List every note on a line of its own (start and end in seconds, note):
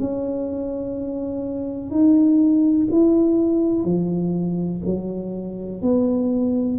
0.00 1.91 C#4
1.91 2.88 D#4
2.91 3.85 E4
3.85 4.82 F3
4.86 5.82 F#3
5.82 6.79 B3